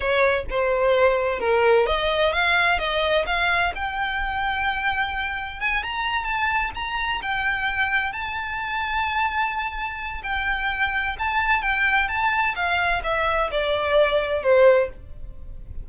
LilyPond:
\new Staff \with { instrumentName = "violin" } { \time 4/4 \tempo 4 = 129 cis''4 c''2 ais'4 | dis''4 f''4 dis''4 f''4 | g''1 | gis''8 ais''4 a''4 ais''4 g''8~ |
g''4. a''2~ a''8~ | a''2 g''2 | a''4 g''4 a''4 f''4 | e''4 d''2 c''4 | }